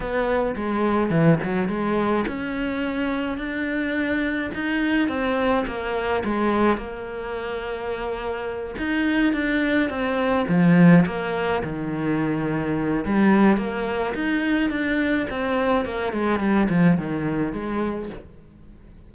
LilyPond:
\new Staff \with { instrumentName = "cello" } { \time 4/4 \tempo 4 = 106 b4 gis4 e8 fis8 gis4 | cis'2 d'2 | dis'4 c'4 ais4 gis4 | ais2.~ ais8 dis'8~ |
dis'8 d'4 c'4 f4 ais8~ | ais8 dis2~ dis8 g4 | ais4 dis'4 d'4 c'4 | ais8 gis8 g8 f8 dis4 gis4 | }